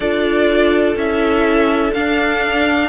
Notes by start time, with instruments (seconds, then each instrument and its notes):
0.00 cello D4, viola F4, violin A4 D5
0.96 cello C#4, viola E4, violin E5
1.93 cello D4, viola D4, violin F5